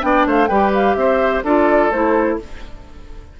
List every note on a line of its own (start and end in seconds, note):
0.00 0.26 B3
0.00 0.47 D4
0.00 0.26 D5
0.00 0.25 G5
0.26 0.49 A3
0.26 0.48 C5
0.26 0.47 F5
0.47 0.95 G3
0.47 1.44 G4
0.47 0.95 B4
0.47 0.70 G5
0.74 0.94 F5
0.94 1.43 C4
0.94 1.44 C5
0.94 1.41 E5
1.43 1.90 D4
1.43 1.92 F4
1.43 2.38 A4
1.43 1.91 D5
1.91 2.38 A3
1.91 2.39 E4
1.91 2.38 C5